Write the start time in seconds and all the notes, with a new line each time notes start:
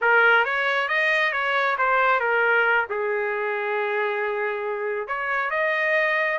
0.01 A#4
0.44 C#5
0.88 D#5
1.32 C#5
1.78 C5
2.20 A#4
2.89 G#4
5.07 C#5
5.50 D#5